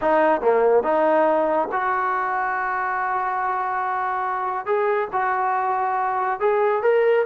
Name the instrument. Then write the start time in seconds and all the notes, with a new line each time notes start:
trombone
0.01 D#4
0.41 A#3
0.83 D#4
1.72 F#4
4.66 G#4
5.12 F#4
6.40 G#4
6.82 A#4